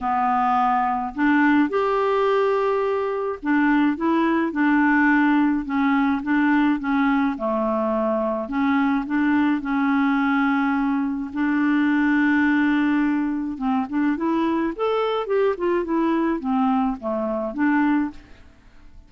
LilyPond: \new Staff \with { instrumentName = "clarinet" } { \time 4/4 \tempo 4 = 106 b2 d'4 g'4~ | g'2 d'4 e'4 | d'2 cis'4 d'4 | cis'4 a2 cis'4 |
d'4 cis'2. | d'1 | c'8 d'8 e'4 a'4 g'8 f'8 | e'4 c'4 a4 d'4 | }